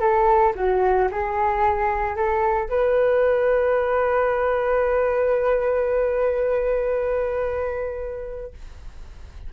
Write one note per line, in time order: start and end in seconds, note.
0.00 0.53 A4
0.55 1.08 F#4
1.11 2.16 G#4
2.16 2.69 A4
2.69 8.53 B4